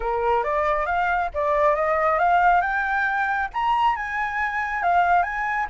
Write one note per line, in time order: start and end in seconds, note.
0.00 0.43 A#4
0.43 0.85 D5
0.85 1.29 F5
1.34 1.75 D5
1.75 2.18 D#5
2.18 2.61 F5
2.61 3.48 G5
3.53 3.96 A#5
3.96 4.82 G#5
4.82 5.22 F5
5.22 5.66 G#5